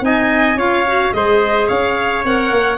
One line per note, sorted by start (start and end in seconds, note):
0.00 0.54 C4
0.00 0.56 D#4
0.00 0.57 D#5
0.00 0.58 G#5
0.54 1.10 C#4
0.54 0.85 F4
0.54 1.13 C#5
0.54 1.13 F5
0.87 1.13 F#4
1.13 1.69 G#3
1.13 2.24 G#4
1.13 1.66 C5
1.13 1.68 D#5
1.66 2.24 C#4
1.66 2.78 C#5
1.66 2.23 F5
2.24 2.50 C4
2.24 2.78 A#4
2.24 2.78 F#5
2.50 2.78 A#3